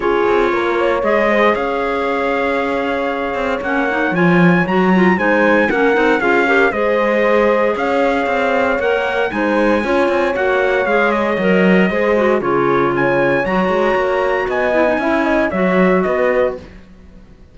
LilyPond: <<
  \new Staff \with { instrumentName = "trumpet" } { \time 4/4 \tempo 4 = 116 cis''2 dis''4 f''4~ | f''2. fis''4 | gis''4 ais''4 gis''4 fis''4 | f''4 dis''2 f''4~ |
f''4 fis''4 gis''2 | fis''4 f''8 dis''2~ dis''8 | cis''4 gis''4 ais''2 | gis''2 e''4 dis''4 | }
  \new Staff \with { instrumentName = "horn" } { \time 4/4 gis'4 ais'8 cis''4 c''8 cis''4~ | cis''1~ | cis''2 c''4 ais'4 | gis'8 ais'8 c''2 cis''4~ |
cis''2 c''4 cis''4~ | cis''2. c''4 | gis'4 cis''2. | dis''4 e''8 dis''8 cis''4 b'4 | }
  \new Staff \with { instrumentName = "clarinet" } { \time 4/4 f'2 gis'2~ | gis'2. cis'8 dis'8 | f'4 fis'8 f'8 dis'4 cis'8 dis'8 | f'8 g'8 gis'2.~ |
gis'4 ais'4 dis'4 f'4 | fis'4 gis'4 ais'4 gis'8 fis'8 | f'2 fis'2~ | fis'8 e'16 dis'16 e'4 fis'2 | }
  \new Staff \with { instrumentName = "cello" } { \time 4/4 cis'8 c'8 ais4 gis4 cis'4~ | cis'2~ cis'8 c'8 ais4 | f4 fis4 gis4 ais8 c'8 | cis'4 gis2 cis'4 |
c'4 ais4 gis4 cis'8 c'8 | ais4 gis4 fis4 gis4 | cis2 fis8 gis8 ais4 | b4 cis'4 fis4 b4 | }
>>